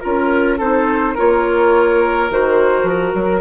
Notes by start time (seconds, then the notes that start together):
0.00 C#4 F4 A#4
0.58 C4 D#4 A4 C5
1.14 A#3 F4 A#4 C#5
2.30 D#3 F#4 C5
2.83 F3 A#4
3.14 F#3